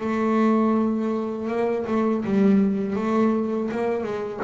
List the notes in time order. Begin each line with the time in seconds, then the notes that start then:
0.00 A3
1.48 A#3
1.87 A3
2.25 G3
2.96 A3
3.71 A#3
4.03 G#3